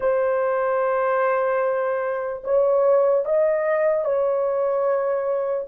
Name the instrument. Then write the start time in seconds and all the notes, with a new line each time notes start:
horn
0.00 C5
2.44 C#5
3.25 D#5
4.04 C#5